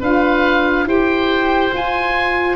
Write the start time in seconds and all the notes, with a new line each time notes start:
0.00 D4 F4 B4 F5
0.85 E4 G4 C5 G5
1.72 F4 G#5